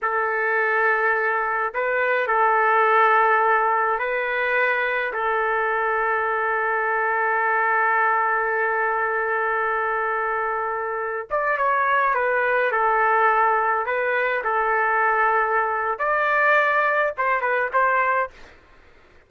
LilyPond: \new Staff \with { instrumentName = "trumpet" } { \time 4/4 \tempo 4 = 105 a'2. b'4 | a'2. b'4~ | b'4 a'2.~ | a'1~ |
a'2.~ a'8. d''16~ | d''16 cis''4 b'4 a'4.~ a'16~ | a'16 b'4 a'2~ a'8. | d''2 c''8 b'8 c''4 | }